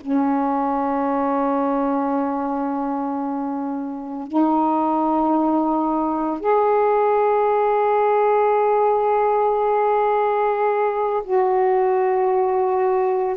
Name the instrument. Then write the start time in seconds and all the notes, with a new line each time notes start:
saxophone
0.00 C#4
4.27 D#4
6.40 G#4
11.24 F#4